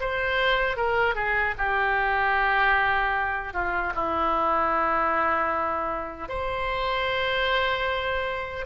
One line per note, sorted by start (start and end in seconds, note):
0.00 0.76 C5
0.76 1.15 A#4
1.15 1.55 G#4
1.58 3.53 G4
3.53 3.93 F4
3.95 6.28 E4
6.28 8.65 C5